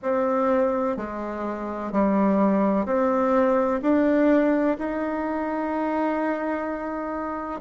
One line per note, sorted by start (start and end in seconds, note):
0.02 0.96 C4
0.96 1.91 G#3
1.91 2.85 G3
2.85 3.81 C4
3.82 4.77 D4
4.78 7.61 D#4